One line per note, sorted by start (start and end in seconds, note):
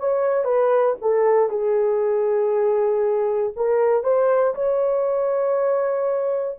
0.00 0.45 C#5
0.45 0.96 B4
1.02 1.50 A4
1.50 3.54 G#4
3.56 4.04 A#4
4.04 4.55 C5
4.55 6.59 C#5